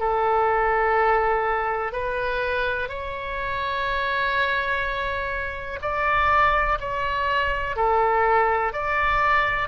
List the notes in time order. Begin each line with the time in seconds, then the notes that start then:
0.00 A4
1.93 B4
2.89 C#5
5.82 D5
6.80 C#5
7.76 A4
8.73 D5